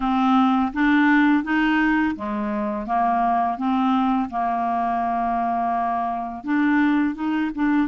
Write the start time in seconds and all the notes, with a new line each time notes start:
0.00 C4
0.73 D4
1.43 D#4
2.15 G#3
2.86 A#3
3.57 C4
4.30 A#3
6.44 D4
7.15 D#4
7.54 D4